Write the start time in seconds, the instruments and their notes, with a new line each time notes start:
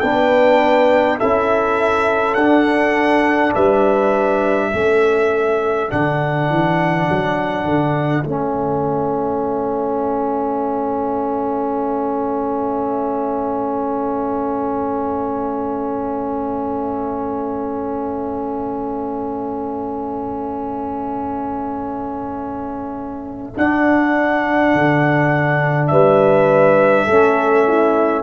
0.00 tuba B3, trombone D4, horn B4, trumpet G5
1.18 tuba C#4, trombone E4, horn A4, trumpet E5
2.34 tuba D4, trombone D4, trumpet F#5
3.54 tuba G3, horn B4, trumpet E5
4.70 tuba A3, trombone C#4, horn A4
5.88 tuba D3, trombone D4, trumpet F#5
6.50 tuba E3
7.09 tuba F#3
7.64 tuba D3
8.24 tuba A3, trombone C#4, trumpet E5
23.55 trombone D4, tuba D4, trumpet F#5
24.74 tuba D3
25.87 tuba G3, horn B4, trumpet E5
27.05 tuba A3, trombone C#4, horn A4
27.67 horn E4